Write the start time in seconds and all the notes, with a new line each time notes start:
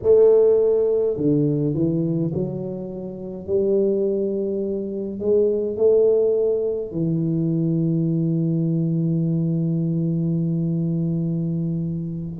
0.02 A3
1.16 D3
1.74 E3
2.33 F#3
3.46 G3
5.19 G#3
5.76 A3
6.91 E3